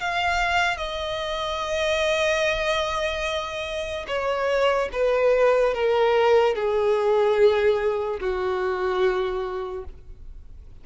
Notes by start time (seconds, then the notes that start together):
0.00 F5
0.77 D#5
4.07 C#5
4.92 B4
5.74 A#4
6.55 G#4
8.20 F#4